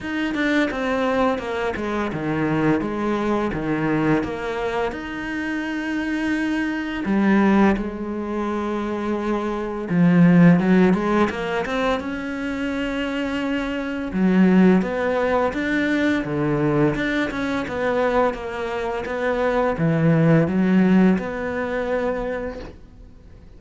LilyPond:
\new Staff \with { instrumentName = "cello" } { \time 4/4 \tempo 4 = 85 dis'8 d'8 c'4 ais8 gis8 dis4 | gis4 dis4 ais4 dis'4~ | dis'2 g4 gis4~ | gis2 f4 fis8 gis8 |
ais8 c'8 cis'2. | fis4 b4 d'4 d4 | d'8 cis'8 b4 ais4 b4 | e4 fis4 b2 | }